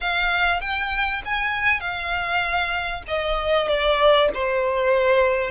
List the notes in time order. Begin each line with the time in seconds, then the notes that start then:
0.00 F5
0.60 G5
1.25 G#5
1.80 F5
3.07 D#5
3.68 D5
4.34 C5